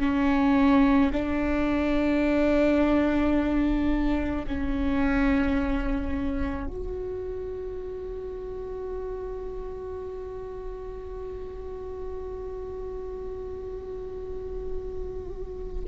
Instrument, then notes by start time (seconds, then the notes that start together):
viola
0.00 C#4
1.13 D4
4.47 C#4
6.67 F#4